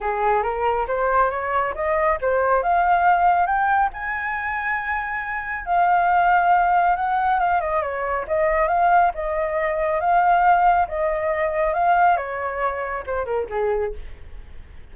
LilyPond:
\new Staff \with { instrumentName = "flute" } { \time 4/4 \tempo 4 = 138 gis'4 ais'4 c''4 cis''4 | dis''4 c''4 f''2 | g''4 gis''2.~ | gis''4 f''2. |
fis''4 f''8 dis''8 cis''4 dis''4 | f''4 dis''2 f''4~ | f''4 dis''2 f''4 | cis''2 c''8 ais'8 gis'4 | }